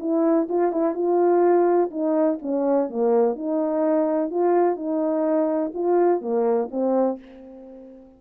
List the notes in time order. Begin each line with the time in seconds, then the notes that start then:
0.00 E4
0.49 F4
0.72 E4
0.95 F4
1.91 D#4
2.42 C#4
2.90 A#3
3.36 D#4
4.31 F4
4.76 D#4
5.74 F4
6.21 A#3
6.71 C4